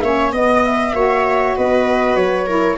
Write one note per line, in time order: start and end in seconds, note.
0.00 0.32 A#3
0.00 0.34 C#4
0.00 0.32 C#5
0.00 0.31 E5
0.32 0.93 B3
0.32 0.94 B3
0.32 0.93 D#5
0.32 0.64 D#5
0.64 1.56 E5
0.93 1.54 A#3
0.93 2.47 F#4
0.93 1.56 C#5
1.56 2.15 B3
1.56 2.46 B4
1.56 2.15 D#5
2.15 2.76 F#3
2.15 2.77 C#5
2.46 2.77 E4
2.46 2.77 A#4